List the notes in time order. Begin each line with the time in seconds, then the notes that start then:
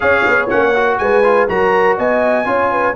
0.00 C#4 G#4 C#5 F5
0.26 B3
0.49 A#3 C#4 F#5
0.75 F#4
0.98 G#3 B4 G#5
1.23 F4
1.48 F#3 F#4 A#4 A#5
1.97 B3 D#5 G#5
2.45 C#4 F4 C#5
2.71 B4